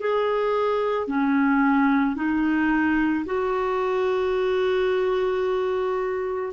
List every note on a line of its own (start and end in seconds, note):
0.00 1.07 G#4
1.07 2.16 C#4
2.16 3.25 D#4
3.25 6.53 F#4